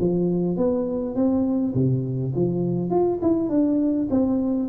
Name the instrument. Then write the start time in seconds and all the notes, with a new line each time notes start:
tuba
0.00 F3
0.56 B3
1.15 C4
1.74 C3
2.35 F3
2.90 F4
3.22 E4
3.49 D4
4.10 C4